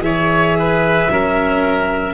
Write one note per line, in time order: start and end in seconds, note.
0.00 1.07 E3
0.00 1.09 G#4
0.00 0.58 C#5
0.00 2.14 E5
0.59 1.12 B4
1.08 2.14 F#3
1.08 2.14 C#4
1.08 2.14 A#4